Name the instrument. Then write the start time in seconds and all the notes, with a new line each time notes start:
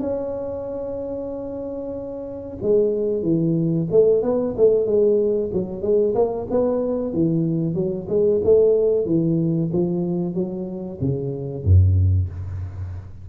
tuba
0.00 C#4
2.62 G#3
3.23 E3
3.91 A3
4.23 B3
4.57 A3
4.86 G#3
5.53 F#3
5.82 G#3
6.15 A#3
6.50 B3
7.13 E3
7.74 F#3
8.09 G#3
8.44 A3
9.06 E3
9.73 F3
10.35 F#3
11.01 C#3
11.65 F#2